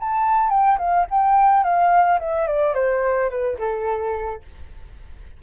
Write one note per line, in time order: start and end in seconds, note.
0.00 0.50 A5
0.50 0.78 G5
0.78 1.06 F5
1.10 1.63 G5
1.63 2.19 F5
2.19 2.47 E5
2.47 2.74 D5
2.74 3.30 C5
3.30 3.58 B4
3.58 4.42 A4